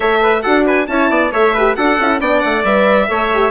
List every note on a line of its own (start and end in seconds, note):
0.00 0.44 A3
0.00 0.43 A4
0.00 0.20 C#5
0.00 0.42 E5
0.22 0.42 B4
0.42 0.88 D4
0.42 0.87 F#4
0.42 0.64 A4
0.42 0.64 F#5
0.66 0.88 B4
0.66 0.86 G#5
0.86 1.09 C#4
0.86 1.32 E4
0.86 1.10 C#5
0.86 1.30 A5
1.09 1.31 B3
1.09 1.32 D5
1.32 1.76 A3
1.32 1.54 A4
1.32 1.53 C#5
1.32 1.75 E5
1.53 1.76 G4
1.53 1.75 B4
1.75 1.99 D4
1.75 1.98 F#4
1.75 2.20 A4
1.75 2.19 F#5
1.99 2.20 C#4
1.99 2.20 E4
2.20 2.42 B3
2.20 2.64 D4
2.20 3.09 D5
2.20 2.40 G5
2.40 2.64 A3
2.40 2.62 F#5
2.64 3.08 G3
2.64 3.08 B4
2.64 3.51 E5
3.08 3.51 A3
3.08 3.30 A4
3.08 3.51 C#5
3.33 3.51 G4